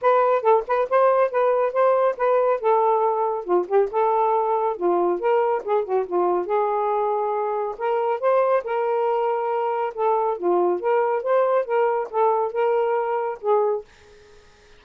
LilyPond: \new Staff \with { instrumentName = "saxophone" } { \time 4/4 \tempo 4 = 139 b'4 a'8 b'8 c''4 b'4 | c''4 b'4 a'2 | f'8 g'8 a'2 f'4 | ais'4 gis'8 fis'8 f'4 gis'4~ |
gis'2 ais'4 c''4 | ais'2. a'4 | f'4 ais'4 c''4 ais'4 | a'4 ais'2 gis'4 | }